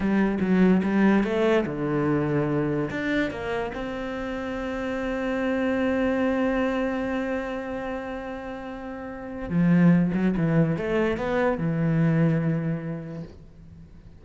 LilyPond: \new Staff \with { instrumentName = "cello" } { \time 4/4 \tempo 4 = 145 g4 fis4 g4 a4 | d2. d'4 | ais4 c'2.~ | c'1~ |
c'1~ | c'2. f4~ | f8 fis8 e4 a4 b4 | e1 | }